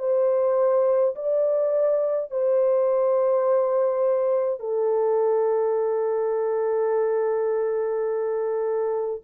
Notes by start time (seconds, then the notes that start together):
0.00 C5
1.15 D5
2.31 C5
4.60 A4